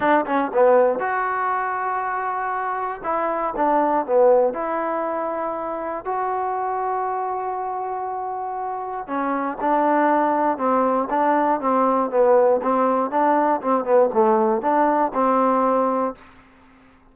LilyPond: \new Staff \with { instrumentName = "trombone" } { \time 4/4 \tempo 4 = 119 d'8 cis'8 b4 fis'2~ | fis'2 e'4 d'4 | b4 e'2. | fis'1~ |
fis'2 cis'4 d'4~ | d'4 c'4 d'4 c'4 | b4 c'4 d'4 c'8 b8 | a4 d'4 c'2 | }